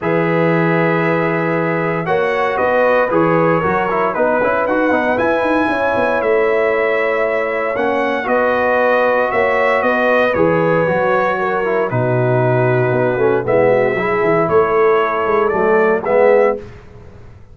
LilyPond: <<
  \new Staff \with { instrumentName = "trumpet" } { \time 4/4 \tempo 4 = 116 e''1 | fis''4 dis''4 cis''2 | b'4 fis''4 gis''2 | e''2. fis''4 |
dis''2 e''4 dis''4 | cis''2. b'4~ | b'2 e''2 | cis''2 d''4 e''4 | }
  \new Staff \with { instrumentName = "horn" } { \time 4/4 b'1 | cis''4 b'2 ais'4 | b'2. cis''4~ | cis''1 |
b'2 cis''4 b'4~ | b'2 ais'4 fis'4~ | fis'2 e'8 fis'8 gis'4 | a'2. gis'4 | }
  \new Staff \with { instrumentName = "trombone" } { \time 4/4 gis'1 | fis'2 gis'4 fis'8 e'8 | dis'8 e'8 fis'8 dis'8 e'2~ | e'2. cis'4 |
fis'1 | gis'4 fis'4. e'8 dis'4~ | dis'4. cis'8 b4 e'4~ | e'2 a4 b4 | }
  \new Staff \with { instrumentName = "tuba" } { \time 4/4 e1 | ais4 b4 e4 fis4 | b8 cis'8 dis'8 b8 e'8 dis'8 cis'8 b8 | a2. ais4 |
b2 ais4 b4 | e4 fis2 b,4~ | b,4 b8 a8 gis4 fis8 e8 | a4. gis8 fis4 gis4 | }
>>